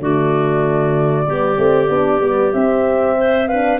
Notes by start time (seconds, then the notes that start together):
0.00 D3 A3 F#4 D5
1.26 G3 B3 G4
1.56 A3 C4
1.90 B3 D4
2.21 G3 B3
2.53 C4 E5
3.17 C5
3.47 D4 B4 F5